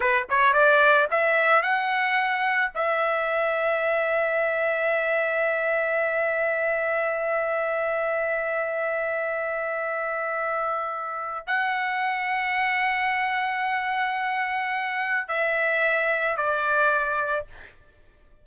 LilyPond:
\new Staff \with { instrumentName = "trumpet" } { \time 4/4 \tempo 4 = 110 b'8 cis''8 d''4 e''4 fis''4~ | fis''4 e''2.~ | e''1~ | e''1~ |
e''1~ | e''4 fis''2.~ | fis''1 | e''2 d''2 | }